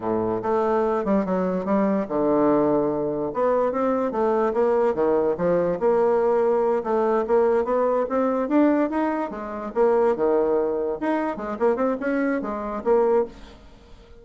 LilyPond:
\new Staff \with { instrumentName = "bassoon" } { \time 4/4 \tempo 4 = 145 a,4 a4. g8 fis4 | g4 d2. | b4 c'4 a4 ais4 | dis4 f4 ais2~ |
ais8 a4 ais4 b4 c'8~ | c'8 d'4 dis'4 gis4 ais8~ | ais8 dis2 dis'4 gis8 | ais8 c'8 cis'4 gis4 ais4 | }